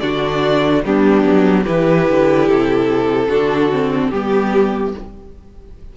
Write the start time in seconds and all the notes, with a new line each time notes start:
0.00 D3 D4 F#4 D5
0.84 G3 B3 D4 G4
1.24 F#3
1.64 E3 E4 G4 B4
2.09 D3
2.48 C3 A4
3.28 D3 D4 F#4
3.71 C4
4.10 G3 B3 G4